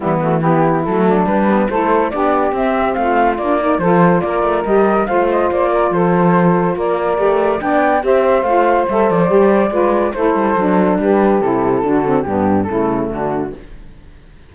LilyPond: <<
  \new Staff \with { instrumentName = "flute" } { \time 4/4 \tempo 4 = 142 e'8 fis'8 g'4 a'4 b'4 | c''4 d''4 e''4 f''4 | d''4 c''4 d''4 dis''4 | f''8 dis''8 d''4 c''2 |
d''2 g''4 e''4 | f''4 e''8 d''2~ d''8 | c''2 b'4 a'4~ | a'4 g'4 a'4 fis'4 | }
  \new Staff \with { instrumentName = "saxophone" } { \time 4/4 b4 e'4. d'4. | a'4 g'2 f'4~ | f'8 ais'8 a'4 ais'2 | c''4. ais'8 a'2 |
ais'2 d''4 c''4~ | c''2. b'4 | a'2 g'2 | fis'4 d'4 e'4 d'4 | }
  \new Staff \with { instrumentName = "saxophone" } { \time 4/4 g8 a8 b4 a4 g8 b8 | e'4 d'4 c'2 | d'8 dis'8 f'2 g'4 | f'1~ |
f'4 g'4 d'4 g'4 | f'4 a'4 g'4 f'4 | e'4 d'2 e'4 | d'8 c'8 b4 a2 | }
  \new Staff \with { instrumentName = "cello" } { \time 4/4 e2 fis4 g4 | a4 b4 c'4 a4 | ais4 f4 ais8 a8 g4 | a4 ais4 f2 |
ais4 a4 b4 c'4 | a4 g8 f8 g4 gis4 | a8 g8 fis4 g4 c4 | d4 g,4 cis4 d4 | }
>>